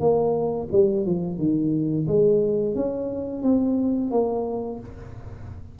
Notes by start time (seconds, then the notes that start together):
0.00 A#3
0.72 G3
1.06 F3
1.38 D#3
2.08 G#3
2.75 C#4
3.43 C4
4.11 A#3